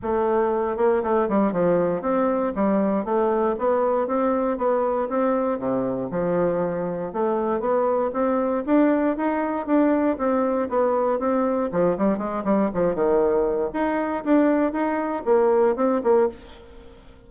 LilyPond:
\new Staff \with { instrumentName = "bassoon" } { \time 4/4 \tempo 4 = 118 a4. ais8 a8 g8 f4 | c'4 g4 a4 b4 | c'4 b4 c'4 c4 | f2 a4 b4 |
c'4 d'4 dis'4 d'4 | c'4 b4 c'4 f8 g8 | gis8 g8 f8 dis4. dis'4 | d'4 dis'4 ais4 c'8 ais8 | }